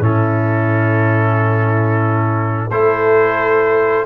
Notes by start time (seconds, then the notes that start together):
0.00 A2 C#4 E4 A4
2.71 A3 E4 A4 C5